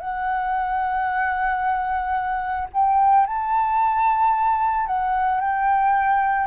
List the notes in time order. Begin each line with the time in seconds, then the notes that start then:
0.00 F#5
2.73 G5
3.26 A5
4.87 F#5
5.40 G5